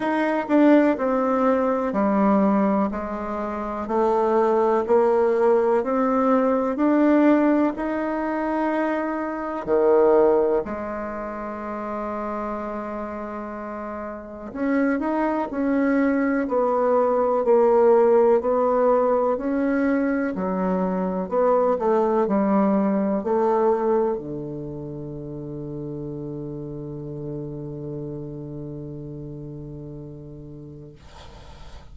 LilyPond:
\new Staff \with { instrumentName = "bassoon" } { \time 4/4 \tempo 4 = 62 dis'8 d'8 c'4 g4 gis4 | a4 ais4 c'4 d'4 | dis'2 dis4 gis4~ | gis2. cis'8 dis'8 |
cis'4 b4 ais4 b4 | cis'4 fis4 b8 a8 g4 | a4 d2.~ | d1 | }